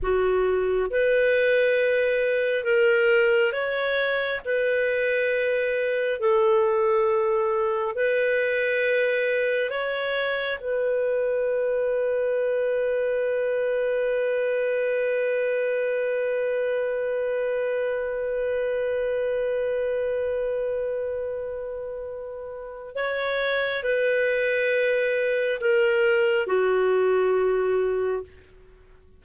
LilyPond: \new Staff \with { instrumentName = "clarinet" } { \time 4/4 \tempo 4 = 68 fis'4 b'2 ais'4 | cis''4 b'2 a'4~ | a'4 b'2 cis''4 | b'1~ |
b'1~ | b'1~ | b'2 cis''4 b'4~ | b'4 ais'4 fis'2 | }